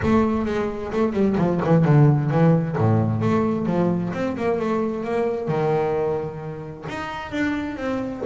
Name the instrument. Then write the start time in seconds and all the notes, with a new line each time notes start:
double bass
0.02 A3
0.45 G#3
0.92 A3
1.12 G3
1.37 F3
1.64 E3
1.84 D3
2.30 E3
2.77 A2
3.21 A3
3.66 F3
4.13 C4
4.36 A#3
4.59 A3
5.04 A#3
5.47 D#3
6.88 D#4
7.31 D4
7.76 C4